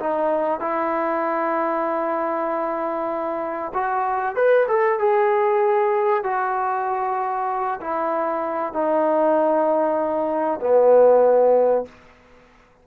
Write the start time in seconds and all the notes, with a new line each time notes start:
0.00 D#4
0.61 E4
3.74 F#4
4.36 B4
4.68 A4
5.00 G#4
6.24 F#4
7.81 E4
8.74 D#4
10.61 B3